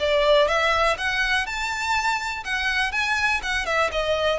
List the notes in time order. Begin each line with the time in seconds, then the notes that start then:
0.00 D5
0.48 E5
0.98 F#5
1.47 A5
2.44 F#5
2.92 G#5
3.43 F#5
3.66 E5
3.92 D#5